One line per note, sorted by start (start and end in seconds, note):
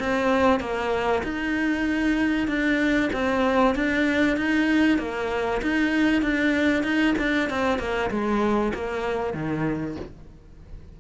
0.00 0.60 C4
0.60 1.23 A#3
1.23 2.48 D#4
2.48 3.10 D4
3.13 3.76 C4
3.76 4.37 D4
4.37 4.99 D#4
4.99 5.61 A#3
5.62 6.22 D#4
6.22 6.83 D4
6.83 7.14 D#4
7.19 7.50 D4
7.50 7.79 C4
7.79 8.10 A#3
8.11 8.73 G#3
8.74 9.34 A#3
9.34 9.96 D#3